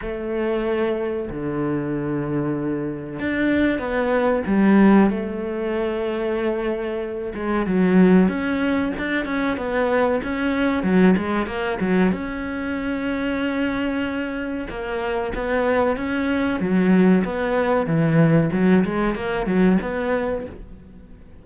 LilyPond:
\new Staff \with { instrumentName = "cello" } { \time 4/4 \tempo 4 = 94 a2 d2~ | d4 d'4 b4 g4 | a2.~ a8 gis8 | fis4 cis'4 d'8 cis'8 b4 |
cis'4 fis8 gis8 ais8 fis8 cis'4~ | cis'2. ais4 | b4 cis'4 fis4 b4 | e4 fis8 gis8 ais8 fis8 b4 | }